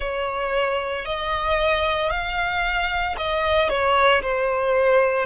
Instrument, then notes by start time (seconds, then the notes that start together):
violin
0.00 C#5
1.05 D#5
2.10 F5
3.17 D#5
3.68 C#5
4.22 C5